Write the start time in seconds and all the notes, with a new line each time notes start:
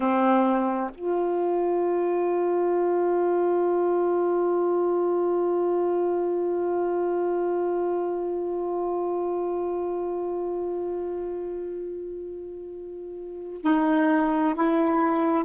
0.00 C4
0.94 F4
13.62 D#4
14.54 E4